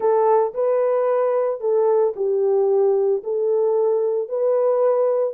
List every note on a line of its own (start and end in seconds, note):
0.00 0.53 A4
0.54 1.60 B4
1.60 2.13 A4
2.16 3.23 G4
3.23 4.28 A4
4.28 5.34 B4